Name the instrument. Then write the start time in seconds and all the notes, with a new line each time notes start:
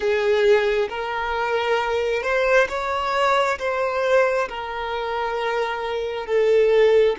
violin
0.00 G#4
0.89 A#4
2.22 C5
2.68 C#5
3.58 C5
4.48 A#4
6.26 A4